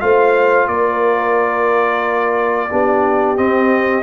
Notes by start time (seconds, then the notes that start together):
0.00 A3 F4 C5 F5
0.67 A#3 A#4 D5
2.70 B3 D4 G4
3.36 C4 D#5